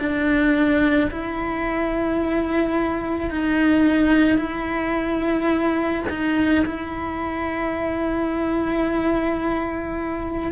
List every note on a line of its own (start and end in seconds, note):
0.00 1.11 D4
1.12 3.31 E4
3.31 4.38 D#4
4.38 6.05 E4
6.10 6.66 D#4
6.66 10.53 E4